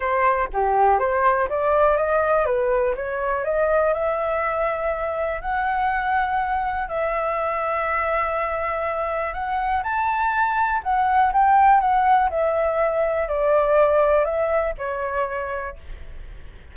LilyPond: \new Staff \with { instrumentName = "flute" } { \time 4/4 \tempo 4 = 122 c''4 g'4 c''4 d''4 | dis''4 b'4 cis''4 dis''4 | e''2. fis''4~ | fis''2 e''2~ |
e''2. fis''4 | a''2 fis''4 g''4 | fis''4 e''2 d''4~ | d''4 e''4 cis''2 | }